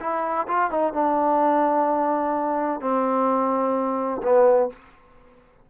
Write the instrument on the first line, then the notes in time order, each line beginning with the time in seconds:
trombone
0.00 E4
0.47 F4
0.71 D#4
0.93 D4
2.81 C4
4.23 B3